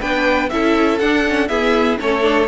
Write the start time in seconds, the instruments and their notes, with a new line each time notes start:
0.00 cello B3, viola D4, violin B4 G5
0.49 cello C#4, viola E4, violin A4 E5
0.98 cello D4, viola D4, violin F#5
1.27 viola C#4
1.48 viola B3, cello E4, violin G#4 E5
1.99 cello A3, viola C#4, violin A4 C#5
2.21 viola D4